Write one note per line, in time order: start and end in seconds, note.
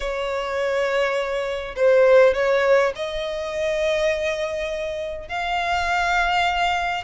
0.00 1.75 C#5
1.76 2.34 C5
2.34 2.93 C#5
2.95 5.28 D#5
5.28 7.03 F5